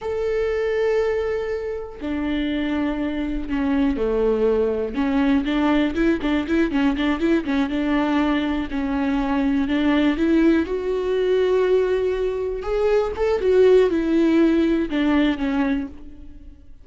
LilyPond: \new Staff \with { instrumentName = "viola" } { \time 4/4 \tempo 4 = 121 a'1 | d'2. cis'4 | a2 cis'4 d'4 | e'8 d'8 e'8 cis'8 d'8 e'8 cis'8 d'8~ |
d'4. cis'2 d'8~ | d'8 e'4 fis'2~ fis'8~ | fis'4. gis'4 a'8 fis'4 | e'2 d'4 cis'4 | }